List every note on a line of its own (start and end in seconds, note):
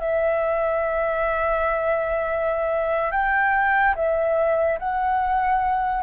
0.00 3.12 E5
3.12 3.95 G5
3.95 4.79 E5
4.79 6.03 F#5